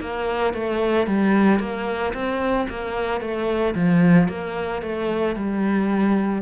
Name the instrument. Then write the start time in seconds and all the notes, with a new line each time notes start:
cello
0.00 A#3
0.53 A3
1.07 G3
1.59 A#3
2.13 C4
2.69 A#3
3.20 A3
3.75 F3
4.28 A#3
4.82 A3
5.35 G3